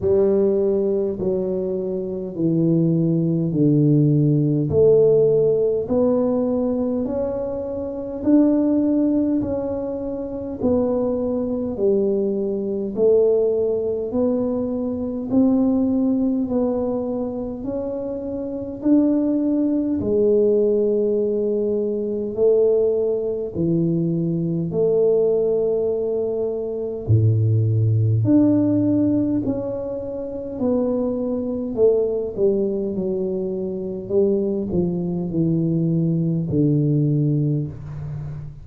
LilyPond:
\new Staff \with { instrumentName = "tuba" } { \time 4/4 \tempo 4 = 51 g4 fis4 e4 d4 | a4 b4 cis'4 d'4 | cis'4 b4 g4 a4 | b4 c'4 b4 cis'4 |
d'4 gis2 a4 | e4 a2 a,4 | d'4 cis'4 b4 a8 g8 | fis4 g8 f8 e4 d4 | }